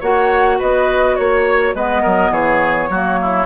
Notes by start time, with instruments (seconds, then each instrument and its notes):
0.00 bassoon A#3, clarinet F#4, oboe C#5, flute F#5
0.58 bassoon B3, oboe B4, flute D#5
1.16 bassoon A#3, flute C#5, oboe C#5
1.74 bassoon G#3, clarinet B3, oboe B4, flute D#5
2.02 bassoon F#3, oboe A#4
2.30 bassoon E3, oboe G#4, flute C#5
2.90 bassoon F#3, clarinet A#3, oboe F#4
3.22 oboe E4